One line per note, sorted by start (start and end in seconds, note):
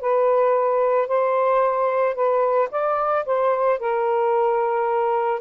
0.00 1.08 B4
1.08 2.14 C5
2.14 2.69 B4
2.71 3.25 D5
3.25 3.79 C5
3.79 5.40 A#4